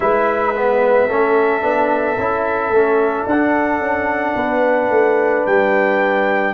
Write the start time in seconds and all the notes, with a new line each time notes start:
0.00 G#3 E4 B4 E5
0.55 B3
1.08 A3 C#4 A4
1.61 B3 D4
2.17 C#4 E4
2.70 A3 C#4
3.25 D4 F#5
3.32 D4
3.80 C#4
4.35 B3 B4
4.90 A3
5.46 G3 G5